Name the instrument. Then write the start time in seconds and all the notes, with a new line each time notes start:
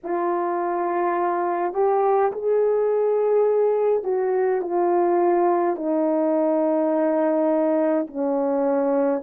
horn
0.03 F4
1.73 G4
2.32 G#4
4.03 F#4
4.61 F4
5.76 D#4
8.07 C#4